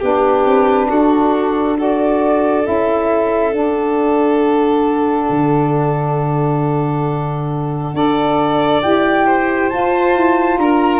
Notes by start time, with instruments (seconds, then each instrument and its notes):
0.00 tuba B3, saxophone D4, violin G4, flute B4
0.46 tuba C4
0.89 tuba D4, violin F#4, flute A4
1.77 saxophone F#4, violin A4, flute D5
2.63 tuba C#4, saxophone E4, flute E5
3.52 saxophone D4, tuba D4, flute F#5
5.30 tuba D3
7.94 tuba D4, saxophone A4, violin D5
8.82 tuba E4, saxophone G4, flute G5
9.26 violin C5
9.70 saxophone F4, tuba F4, flute A5
10.16 tuba E4
10.58 tuba D4, violin A#4, flute A#5